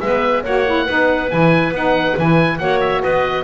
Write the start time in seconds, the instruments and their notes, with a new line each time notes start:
0.00 double bass G#3, saxophone B3, clarinet B4, oboe E5
0.43 double bass A#3, saxophone F#4, clarinet C#5, oboe F#5
0.66 saxophone E4
0.86 double bass B3, saxophone D#4, clarinet B4
1.30 double bass E3, saxophone E4, oboe G#5
1.72 double bass B3, saxophone D#4, oboe F#5
2.17 double bass E3, saxophone E4, oboe G#5
2.58 double bass A#3, saxophone F#4, clarinet C#5, oboe F#5
2.80 oboe E5
3.02 double bass B3, clarinet B4, oboe D#5